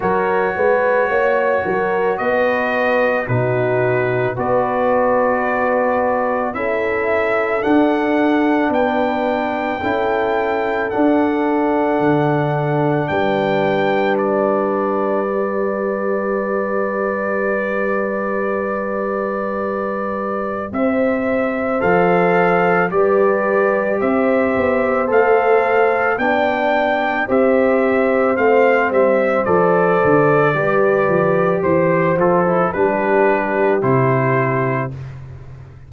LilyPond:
<<
  \new Staff \with { instrumentName = "trumpet" } { \time 4/4 \tempo 4 = 55 cis''2 dis''4 b'4 | d''2 e''4 fis''4 | g''2 fis''2 | g''4 d''2.~ |
d''2. e''4 | f''4 d''4 e''4 f''4 | g''4 e''4 f''8 e''8 d''4~ | d''4 c''8 a'8 b'4 c''4 | }
  \new Staff \with { instrumentName = "horn" } { \time 4/4 ais'8 b'8 cis''8 ais'8 b'4 fis'4 | b'2 a'2 | b'4 a'2. | b'1~ |
b'2. c''4~ | c''4 b'4 c''2 | d''4 c''2. | b'4 c''4 g'2 | }
  \new Staff \with { instrumentName = "trombone" } { \time 4/4 fis'2. dis'4 | fis'2 e'4 d'4~ | d'4 e'4 d'2~ | d'2 g'2~ |
g'1 | a'4 g'2 a'4 | d'4 g'4 c'4 a'4 | g'4. f'16 e'16 d'4 e'4 | }
  \new Staff \with { instrumentName = "tuba" } { \time 4/4 fis8 gis8 ais8 fis8 b4 b,4 | b2 cis'4 d'4 | b4 cis'4 d'4 d4 | g1~ |
g2. c'4 | f4 g4 c'8 b8 a4 | b4 c'4 a8 g8 f8 d8 | g8 f8 e8 f8 g4 c4 | }
>>